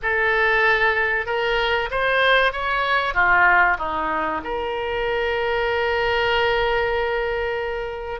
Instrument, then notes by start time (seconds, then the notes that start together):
oboe
0.02 A4
1.26 A#4
1.90 C5
2.52 C#5
3.13 F4
3.78 D#4
4.44 A#4